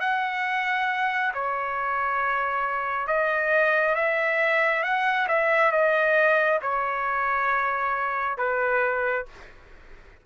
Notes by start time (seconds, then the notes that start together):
0.00 F#5
1.34 C#5
3.08 D#5
3.95 E5
4.83 F#5
5.28 E5
5.72 D#5
6.62 C#5
8.38 B4